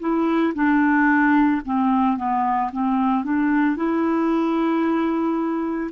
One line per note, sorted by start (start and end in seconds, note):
0.00 0.54 E4
0.55 1.62 D4
1.65 2.17 C4
2.17 2.71 B3
2.72 3.24 C4
3.24 3.76 D4
3.76 5.91 E4